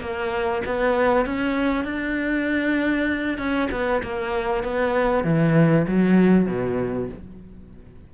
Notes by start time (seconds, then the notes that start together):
0.00 A#3
0.65 B3
1.25 C#4
1.84 D4
3.38 C#4
3.71 B3
4.02 A#3
4.63 B3
5.24 E3
5.87 F#3
6.46 B2